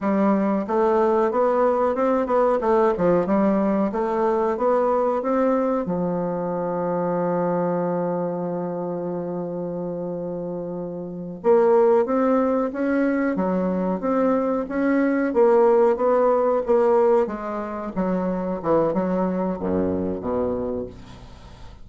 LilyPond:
\new Staff \with { instrumentName = "bassoon" } { \time 4/4 \tempo 4 = 92 g4 a4 b4 c'8 b8 | a8 f8 g4 a4 b4 | c'4 f2.~ | f1~ |
f4. ais4 c'4 cis'8~ | cis'8 fis4 c'4 cis'4 ais8~ | ais8 b4 ais4 gis4 fis8~ | fis8 e8 fis4 fis,4 b,4 | }